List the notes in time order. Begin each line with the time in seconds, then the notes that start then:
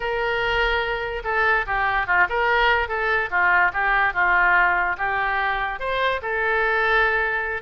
0.00 A#4
1.24 A4
1.66 G4
2.06 F4
2.29 A#4
2.88 A4
3.30 F4
3.73 G4
4.13 F4
4.97 G4
5.79 C5
6.21 A4